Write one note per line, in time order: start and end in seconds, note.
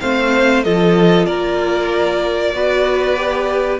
0.00 0.65 A3
0.00 0.65 C4
0.00 0.65 C5
0.00 0.63 F5
0.64 1.28 F3
0.64 2.53 F4
0.64 1.27 A4
0.64 1.26 D#5
1.26 2.54 A#3
1.26 2.53 A#4
1.26 3.78 D5
2.53 3.80 B3
2.53 3.16 F#4
2.53 3.80 B4
3.16 3.79 G4